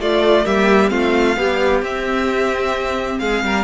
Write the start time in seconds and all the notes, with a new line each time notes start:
0.00 A3 F4 D5
0.46 G3 A#3 G4 E5
0.89 A3 C4 F4 F5
1.37 G3 B3 G4
1.83 C4 E5
3.20 G#3 G#4 F5
3.44 G3 A#4